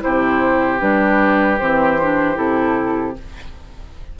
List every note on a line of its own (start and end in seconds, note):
0.00 0.81 C3
0.00 0.79 E4
0.00 3.20 G4
0.00 0.80 C5
0.79 1.60 G3
0.79 1.58 D4
0.79 1.59 B4
1.59 2.37 E3
1.59 2.00 C4
1.59 2.37 C5
2.01 2.35 D4
2.35 3.16 C3
2.35 3.14 E4
2.35 3.16 A4